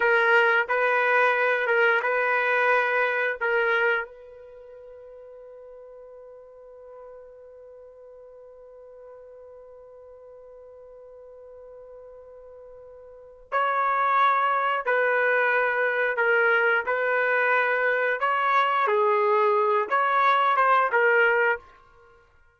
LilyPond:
\new Staff \with { instrumentName = "trumpet" } { \time 4/4 \tempo 4 = 89 ais'4 b'4. ais'8 b'4~ | b'4 ais'4 b'2~ | b'1~ | b'1~ |
b'1 | cis''2 b'2 | ais'4 b'2 cis''4 | gis'4. cis''4 c''8 ais'4 | }